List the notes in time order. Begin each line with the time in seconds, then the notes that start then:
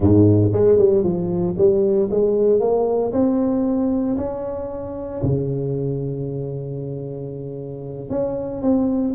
0.00 G#2
0.52 G#3
0.78 G3
1.03 F3
1.57 G3
2.10 G#3
2.59 A#3
3.12 C4
4.17 C#4
5.22 C#3
8.09 C#4
8.62 C4